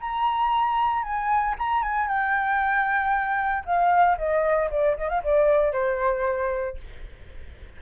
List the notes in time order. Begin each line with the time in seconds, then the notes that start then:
0.00 A#5
1.03 G#5
1.58 A#5
1.82 G#5
2.08 G5
3.65 F5
4.17 D#5
4.71 D5
4.97 D#5
5.09 F5
5.23 D5
5.72 C5